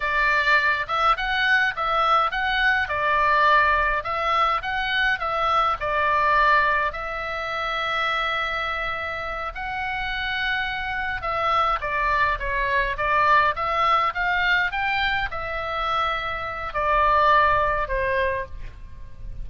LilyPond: \new Staff \with { instrumentName = "oboe" } { \time 4/4 \tempo 4 = 104 d''4. e''8 fis''4 e''4 | fis''4 d''2 e''4 | fis''4 e''4 d''2 | e''1~ |
e''8 fis''2. e''8~ | e''8 d''4 cis''4 d''4 e''8~ | e''8 f''4 g''4 e''4.~ | e''4 d''2 c''4 | }